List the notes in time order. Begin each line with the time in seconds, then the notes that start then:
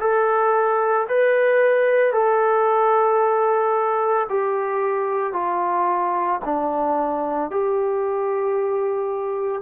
0.00 A4
1.09 B4
2.13 A4
4.29 G4
5.33 F4
6.45 D4
7.50 G4